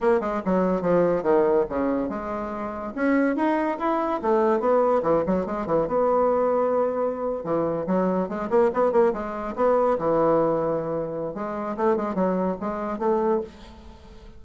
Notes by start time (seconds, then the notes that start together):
0.00 A#3
0.20 G#3
0.45 F#3
0.81 F3
1.23 D#3
1.69 C#3
2.09 G#3
2.95 C#4
3.36 D#4
3.78 E4
4.22 A3
4.60 B3
5.02 E3
5.26 F#3
5.46 G#3
5.66 E3
5.87 B3
7.43 E3
7.87 F#3
8.28 G#3
8.49 A#3
8.73 B3
8.92 A#3
9.13 G#3
9.55 B3
9.98 E3
11.34 G#3
11.76 A3
11.96 G#3
12.15 F#3
12.60 G#3
12.98 A3